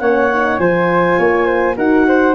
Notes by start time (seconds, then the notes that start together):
0.00 A#3 C#4 C#5 F#5
0.33 D#4
0.58 F3 F4 C5 G#5
1.19 A#3 C#5
1.46 C5
1.76 D#4 F#4 A#4 F#5
2.08 C5